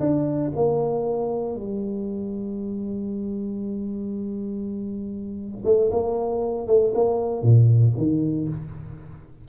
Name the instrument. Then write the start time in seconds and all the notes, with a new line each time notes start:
tuba
0.00 D4
0.55 A#3
1.56 G3
5.65 A3
5.91 A#3
6.68 A3
6.95 A#3
7.42 A#2
7.97 D#3